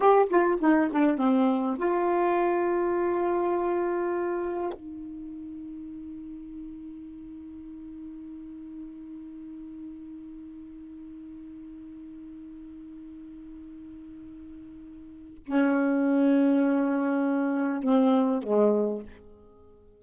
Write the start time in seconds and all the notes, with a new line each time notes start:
0.00 G4
0.29 F4
0.60 D#4
0.92 D4
1.17 C4
1.77 F4
4.73 D#4
15.46 C#4
17.83 C4
18.42 G#3